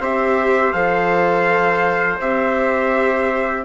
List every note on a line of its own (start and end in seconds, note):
0.00 0.73 C4
0.00 0.73 G4
0.00 3.65 C5
0.00 0.73 E5
0.73 2.20 F3
0.73 2.20 A4
0.73 2.19 F5
2.20 3.65 C4
2.20 3.65 G4
2.20 3.65 E5